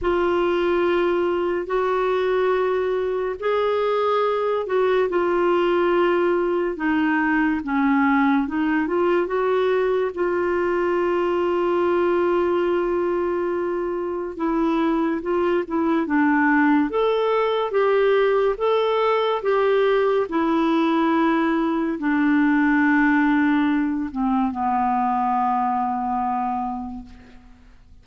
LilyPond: \new Staff \with { instrumentName = "clarinet" } { \time 4/4 \tempo 4 = 71 f'2 fis'2 | gis'4. fis'8 f'2 | dis'4 cis'4 dis'8 f'8 fis'4 | f'1~ |
f'4 e'4 f'8 e'8 d'4 | a'4 g'4 a'4 g'4 | e'2 d'2~ | d'8 c'8 b2. | }